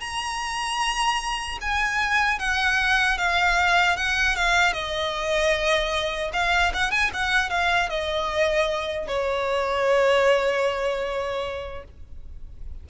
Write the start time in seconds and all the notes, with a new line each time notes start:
0.00 A#5
1.61 G#5
2.39 F#5
3.18 F5
3.97 F#5
4.36 F5
4.73 D#5
6.33 F5
6.74 F#5
6.91 G#5
7.13 F#5
7.50 F5
7.89 D#5
9.07 C#5